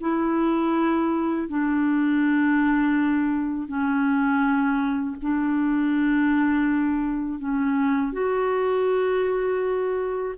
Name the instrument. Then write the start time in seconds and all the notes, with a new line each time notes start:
clarinet
0.00 E4
1.49 D4
3.68 C#4
5.22 D4
7.39 C#4
8.12 F#4